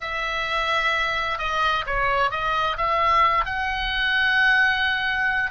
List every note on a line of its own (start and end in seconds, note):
0.00 1.38 E5
1.38 1.84 D#5
1.86 2.30 C#5
2.30 2.77 D#5
2.77 3.45 E5
3.45 5.50 F#5